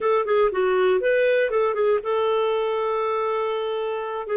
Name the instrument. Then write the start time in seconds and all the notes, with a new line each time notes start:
clarinet
0.00 A4
0.25 G#4
0.51 F#4
1.00 B4
1.50 A4
1.74 G#4
2.03 A4
4.27 G#4